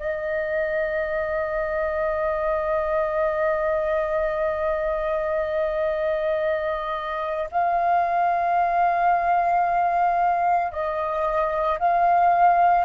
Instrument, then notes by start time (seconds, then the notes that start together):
flute
0.00 D#5
7.52 F5
10.72 D#5
11.80 F5